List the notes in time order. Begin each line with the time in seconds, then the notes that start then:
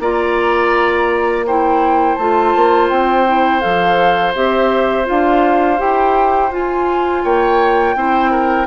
0.00 A#3 F4 D5 A#5
1.47 E4 C5 G5
2.16 A3 F4 A5
2.56 A#3
2.90 C4 G5
3.27 E4
3.61 F3 A4 F5
4.35 C4 G4 E5
5.05 D4 F4 F5
5.78 E4 G4 G5
6.52 F4 G#5
7.24 A#3 C#5 G5
7.95 C4 E4 C5
8.31 A#4